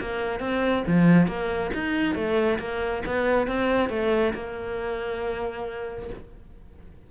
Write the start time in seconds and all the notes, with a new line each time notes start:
0.00 A#3
0.40 C4
0.87 F3
1.27 A#3
1.73 D#4
2.15 A3
2.59 A#3
3.05 B3
3.47 C4
3.89 A3
4.34 A#3